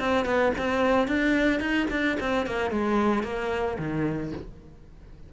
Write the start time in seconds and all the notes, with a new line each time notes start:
0.00 C4
0.26 B3
0.58 C4
1.08 D4
1.60 D#4
1.91 D4
2.20 C4
2.47 A#3
2.71 G#3
3.24 A#3
3.79 D#3